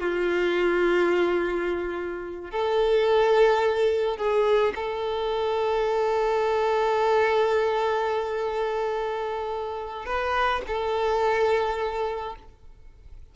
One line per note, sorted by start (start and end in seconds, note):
0.00 2.51 F4
2.51 4.17 A4
4.17 4.73 G#4
4.75 10.06 A4
10.06 10.62 B4
10.67 12.35 A4